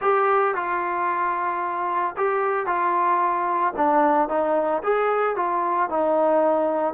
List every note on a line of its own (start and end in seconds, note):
0.01 0.55 G4
0.55 2.15 F4
2.16 2.66 G4
2.66 3.73 F4
3.76 4.28 D4
4.28 4.82 D#4
4.83 5.36 G#4
5.36 5.89 F4
5.89 6.94 D#4